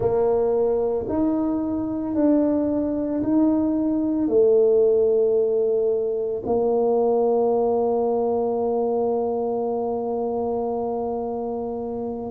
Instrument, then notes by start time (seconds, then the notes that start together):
tuba
0.00 A#3
1.09 D#4
2.14 D4
3.23 D#4
4.28 A3
6.46 A#3